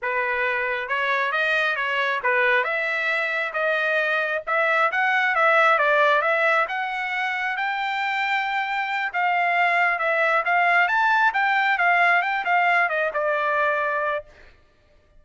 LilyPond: \new Staff \with { instrumentName = "trumpet" } { \time 4/4 \tempo 4 = 135 b'2 cis''4 dis''4 | cis''4 b'4 e''2 | dis''2 e''4 fis''4 | e''4 d''4 e''4 fis''4~ |
fis''4 g''2.~ | g''8 f''2 e''4 f''8~ | f''8 a''4 g''4 f''4 g''8 | f''4 dis''8 d''2~ d''8 | }